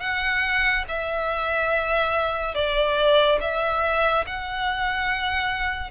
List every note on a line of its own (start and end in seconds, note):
0.00 0.85 F#5
0.88 2.55 E5
2.55 3.39 D5
3.40 4.25 E5
4.27 5.91 F#5